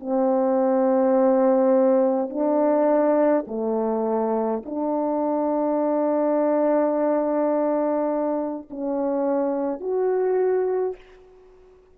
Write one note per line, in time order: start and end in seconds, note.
0.00 2.29 C4
2.29 3.45 D4
3.47 4.63 A3
4.65 8.69 D4
8.70 9.80 C#4
9.80 10.96 F#4